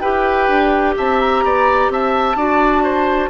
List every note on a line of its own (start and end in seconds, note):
0.00 0.48 E4
0.00 2.36 G4
0.00 0.95 B4
0.00 0.94 G5
0.48 0.95 D4
0.97 1.44 C4
0.97 1.44 E5
0.97 1.20 A5
1.20 1.90 A#5
1.44 1.89 B3
1.44 1.92 D5
1.89 2.35 C4
1.89 2.37 E5
1.89 3.29 A5
2.35 3.29 D4
2.35 3.29 F#4
2.35 2.83 D5
2.83 3.29 C5